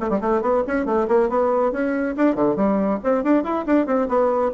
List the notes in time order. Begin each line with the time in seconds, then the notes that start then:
0.00 A3
0.10 G3
0.21 A3
0.42 B3
0.67 C#4
0.86 A3
1.08 A#3
1.29 B3
1.72 C#4
2.17 D4
2.35 D3
2.56 G3
3.04 C4
3.24 D4
3.44 E4
3.67 D4
3.87 C4
4.09 B3